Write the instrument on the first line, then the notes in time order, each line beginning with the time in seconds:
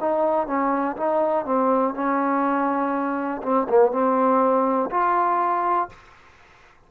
trombone
0.00 D#4
0.47 C#4
0.97 D#4
1.45 C4
1.94 C#4
3.42 C4
3.69 A#3
3.92 C4
4.90 F4